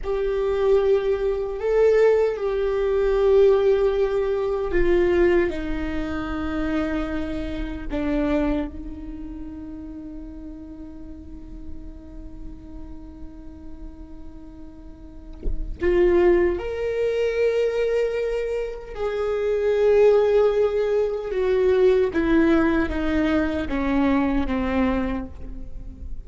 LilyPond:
\new Staff \with { instrumentName = "viola" } { \time 4/4 \tempo 4 = 76 g'2 a'4 g'4~ | g'2 f'4 dis'4~ | dis'2 d'4 dis'4~ | dis'1~ |
dis'1 | f'4 ais'2. | gis'2. fis'4 | e'4 dis'4 cis'4 c'4 | }